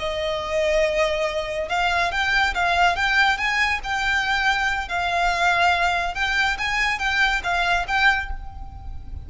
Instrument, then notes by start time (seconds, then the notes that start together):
violin
0.00 D#5
1.69 F5
2.12 G5
2.55 F5
2.97 G5
3.38 G#5
3.84 G5
4.89 F5
6.15 G5
6.58 G#5
6.99 G5
7.44 F5
7.88 G5